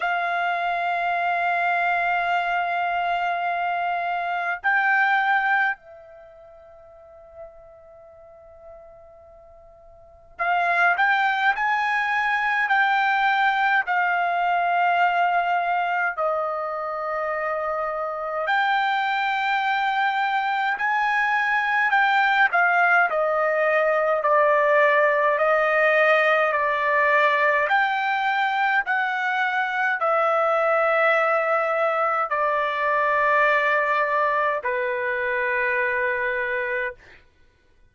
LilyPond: \new Staff \with { instrumentName = "trumpet" } { \time 4/4 \tempo 4 = 52 f''1 | g''4 e''2.~ | e''4 f''8 g''8 gis''4 g''4 | f''2 dis''2 |
g''2 gis''4 g''8 f''8 | dis''4 d''4 dis''4 d''4 | g''4 fis''4 e''2 | d''2 b'2 | }